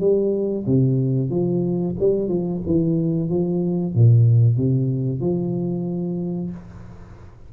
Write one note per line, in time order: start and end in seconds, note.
0.00 0.65 G3
0.67 1.30 C3
1.30 1.96 F3
2.00 2.29 G3
2.29 2.61 F3
2.67 3.30 E3
3.30 3.95 F3
3.95 4.57 A#2
4.57 5.21 C3
5.21 6.51 F3